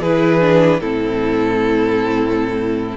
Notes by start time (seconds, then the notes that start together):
0.00 E3 E4 G#4 B4
0.40 D4
0.80 A2 C4 E4 A4